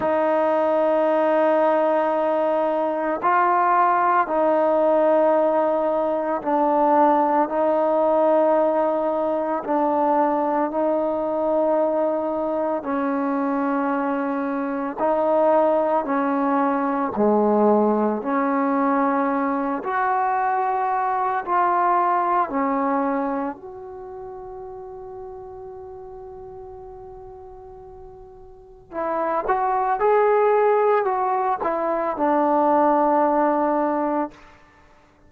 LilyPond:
\new Staff \with { instrumentName = "trombone" } { \time 4/4 \tempo 4 = 56 dis'2. f'4 | dis'2 d'4 dis'4~ | dis'4 d'4 dis'2 | cis'2 dis'4 cis'4 |
gis4 cis'4. fis'4. | f'4 cis'4 fis'2~ | fis'2. e'8 fis'8 | gis'4 fis'8 e'8 d'2 | }